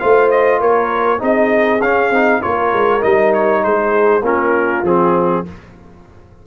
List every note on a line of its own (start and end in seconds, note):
0.00 0.61 A3
0.00 1.19 F4
0.00 0.60 C5
0.00 0.30 F5
0.31 0.61 D#5
0.60 1.22 A#3
0.60 1.21 A#4
0.60 1.22 C#5
1.19 1.81 C4
1.19 1.80 D#4
1.19 2.42 G#4
1.19 1.82 D#5
1.81 2.11 C#4
1.81 2.13 C#4
1.81 2.43 F5
2.11 2.41 C4
2.11 2.42 D#4
2.42 2.73 A#3
2.42 3.01 F4
2.42 3.63 A#4
2.42 3.03 C#5
2.73 3.04 G#3
3.01 3.65 G3
3.01 4.22 D#4
3.01 3.33 D#5
3.34 3.64 C#5
3.64 4.22 G#3
3.64 4.24 G#4
3.64 4.25 C5
4.22 4.83 A#3
4.22 4.85 C#4
4.22 5.45 F4
4.22 4.86 A#4
4.83 5.44 F3
4.83 5.46 C4
4.83 5.47 G#4